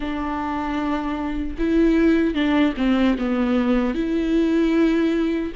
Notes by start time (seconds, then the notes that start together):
0.00 D4
1.58 E4
2.34 D4
2.77 C4
3.18 B3
3.94 E4